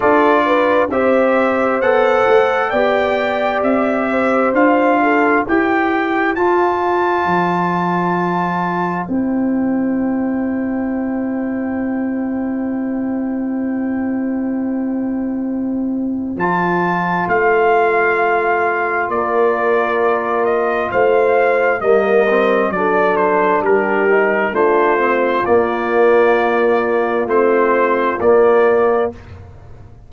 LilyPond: <<
  \new Staff \with { instrumentName = "trumpet" } { \time 4/4 \tempo 4 = 66 d''4 e''4 fis''4 g''4 | e''4 f''4 g''4 a''4~ | a''2 g''2~ | g''1~ |
g''2 a''4 f''4~ | f''4 d''4. dis''8 f''4 | dis''4 d''8 c''8 ais'4 c''4 | d''2 c''4 d''4 | }
  \new Staff \with { instrumentName = "horn" } { \time 4/4 a'8 b'8 c''2 d''4~ | d''8 c''4 a'8 c''2~ | c''1~ | c''1~ |
c''1~ | c''4 ais'2 c''4 | ais'4 a'4 g'4 f'4~ | f'1 | }
  \new Staff \with { instrumentName = "trombone" } { \time 4/4 f'4 g'4 a'4 g'4~ | g'4 f'4 g'4 f'4~ | f'2 e'2~ | e'1~ |
e'2 f'2~ | f'1 | ais8 c'8 d'4. dis'8 d'8 c'8 | ais2 c'4 ais4 | }
  \new Staff \with { instrumentName = "tuba" } { \time 4/4 d'4 c'4 b8 a8 b4 | c'4 d'4 e'4 f'4 | f2 c'2~ | c'1~ |
c'2 f4 a4~ | a4 ais2 a4 | g4 fis4 g4 a4 | ais2 a4 ais4 | }
>>